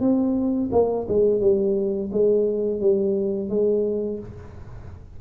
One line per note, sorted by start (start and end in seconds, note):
0.00 0.70 C4
0.72 1.07 A#3
1.08 1.40 G#3
1.40 2.10 G3
2.12 2.80 G#3
2.80 3.49 G3
3.49 4.19 G#3